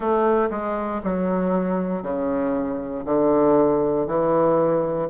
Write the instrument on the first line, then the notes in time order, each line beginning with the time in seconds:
bassoon
0.00 A3
0.50 G#3
1.03 F#3
2.02 C#3
3.05 D3
4.07 E3